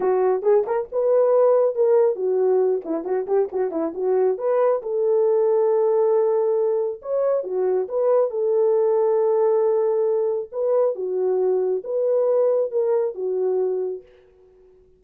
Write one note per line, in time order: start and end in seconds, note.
0.00 0.42 F#4
0.42 0.64 G#4
0.66 0.88 A#4
0.92 1.75 B4
1.75 2.15 A#4
2.15 2.81 F#4
2.84 3.04 E4
3.04 3.26 F#4
3.26 3.48 G4
3.52 3.71 F#4
3.71 3.93 E4
3.94 4.37 F#4
4.37 4.81 B4
4.82 7.01 A4
7.02 7.43 C#5
7.43 7.87 F#4
7.88 8.30 B4
8.30 10.49 A4
10.51 10.95 B4
10.95 11.82 F#4
11.84 12.71 B4
12.71 13.14 A#4
13.14 14.02 F#4